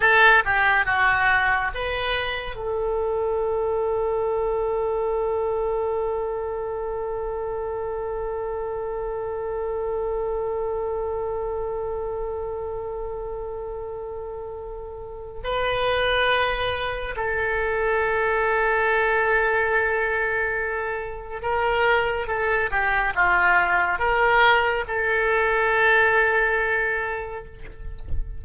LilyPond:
\new Staff \with { instrumentName = "oboe" } { \time 4/4 \tempo 4 = 70 a'8 g'8 fis'4 b'4 a'4~ | a'1~ | a'1~ | a'1~ |
a'2 b'2 | a'1~ | a'4 ais'4 a'8 g'8 f'4 | ais'4 a'2. | }